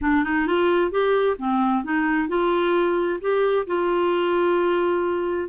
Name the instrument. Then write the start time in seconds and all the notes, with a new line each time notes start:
clarinet
0.01 D4
0.24 D#4
0.47 F4
0.91 G4
1.38 C4
1.84 D#4
2.28 F4
3.20 G4
3.66 F4